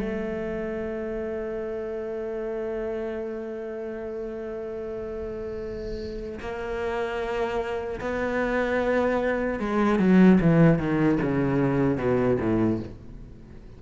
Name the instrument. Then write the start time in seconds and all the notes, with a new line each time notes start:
cello
0.00 A3
6.40 A#3
8.01 B3
9.60 G#3
10.00 F#3
10.41 E3
10.79 D#3
11.22 C#3
11.98 B2
12.40 A2